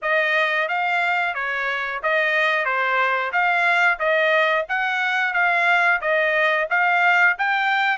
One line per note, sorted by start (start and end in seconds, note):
0.02 0.68 D#5
0.68 1.34 F5
1.34 2.01 C#5
2.02 2.65 D#5
2.65 3.32 C5
3.32 3.98 F5
3.98 4.65 D#5
4.68 5.33 F#5
5.33 6.00 F5
6.01 6.67 D#5
6.69 7.36 F5
7.38 7.97 G5